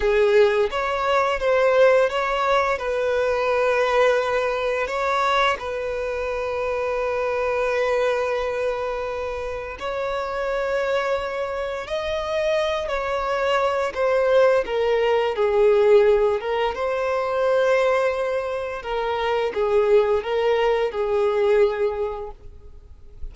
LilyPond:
\new Staff \with { instrumentName = "violin" } { \time 4/4 \tempo 4 = 86 gis'4 cis''4 c''4 cis''4 | b'2. cis''4 | b'1~ | b'2 cis''2~ |
cis''4 dis''4. cis''4. | c''4 ais'4 gis'4. ais'8 | c''2. ais'4 | gis'4 ais'4 gis'2 | }